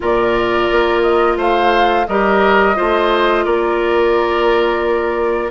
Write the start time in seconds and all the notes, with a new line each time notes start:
0.00 A#2 F4 A#4 D5
0.71 A#3
1.02 D#5
1.37 A3 C5 F5
2.07 G3 G4 A#4 D#5
2.74 A3 F4 C5
3.44 A#3 A#4 D5